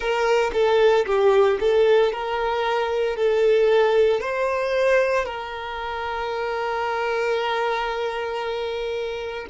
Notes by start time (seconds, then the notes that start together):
0.00 A#4
0.53 A4
1.05 G4
1.59 A4
2.12 A#4
3.16 A4
4.20 C5
5.25 A#4